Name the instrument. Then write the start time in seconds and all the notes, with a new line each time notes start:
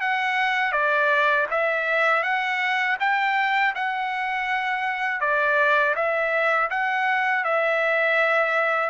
trumpet
0.00 F#5
0.72 D5
1.50 E5
2.23 F#5
3.00 G5
3.74 F#5
5.20 D5
5.95 E5
6.70 F#5
7.44 E5